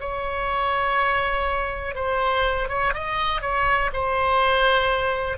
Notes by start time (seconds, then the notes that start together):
0.00 C#5
1.95 C5
2.69 C#5
2.94 D#5
3.42 C#5
3.93 C5